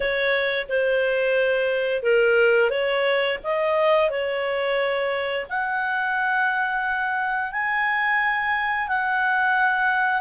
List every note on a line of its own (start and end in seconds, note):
0.00 0.66 C#5
0.68 2.03 C5
2.03 2.70 A#4
2.70 3.38 C#5
3.43 4.10 D#5
4.10 5.46 C#5
5.49 7.52 F#5
7.52 8.88 G#5
8.88 10.21 F#5